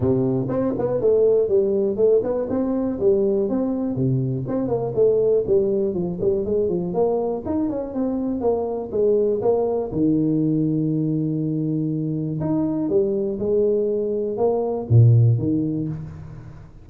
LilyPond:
\new Staff \with { instrumentName = "tuba" } { \time 4/4 \tempo 4 = 121 c4 c'8 b8 a4 g4 | a8 b8 c'4 g4 c'4 | c4 c'8 ais8 a4 g4 | f8 g8 gis8 f8 ais4 dis'8 cis'8 |
c'4 ais4 gis4 ais4 | dis1~ | dis4 dis'4 g4 gis4~ | gis4 ais4 ais,4 dis4 | }